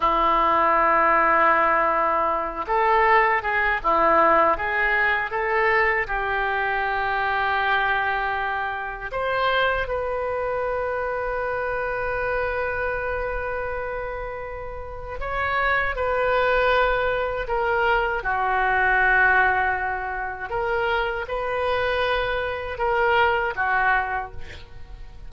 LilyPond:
\new Staff \with { instrumentName = "oboe" } { \time 4/4 \tempo 4 = 79 e'2.~ e'8 a'8~ | a'8 gis'8 e'4 gis'4 a'4 | g'1 | c''4 b'2.~ |
b'1 | cis''4 b'2 ais'4 | fis'2. ais'4 | b'2 ais'4 fis'4 | }